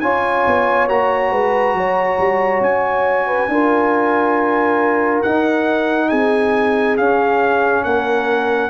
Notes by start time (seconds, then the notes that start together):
0.00 C#4 F4 C#5 G#5
0.46 B3
0.88 A#3 F#4 A#5
1.31 G#3 B4
1.74 F#3 C#5
2.18 G3
2.60 C#4 G#5
3.27 B4
3.48 D4 F4 A#4
5.22 D#4 F#5
6.09 C4 G#4 G#5
6.97 C#4 F5
7.84 A#3 A#4 F#5